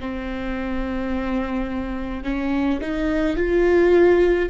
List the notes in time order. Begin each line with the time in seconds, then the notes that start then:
0.00 C4
2.24 C#4
2.81 D#4
3.37 F4